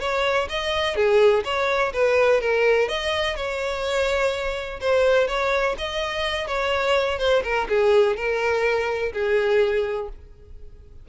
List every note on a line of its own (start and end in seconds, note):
0.00 0.48 C#5
0.49 0.95 D#5
0.95 1.43 G#4
1.44 1.92 C#5
1.93 2.41 B4
2.41 2.88 A#4
2.88 3.36 D#5
3.36 4.80 C#5
4.80 5.28 C5
5.28 5.76 C#5
5.78 6.47 D#5
6.47 7.18 C#5
7.18 7.42 C5
7.43 7.67 A#4
7.68 8.16 G#4
8.16 9.12 A#4
9.12 10.08 G#4